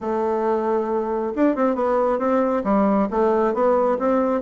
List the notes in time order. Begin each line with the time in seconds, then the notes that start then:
0.00 A3
1.35 D4
1.55 C4
1.75 B3
2.18 C4
2.64 G3
3.10 A3
3.54 B3
3.98 C4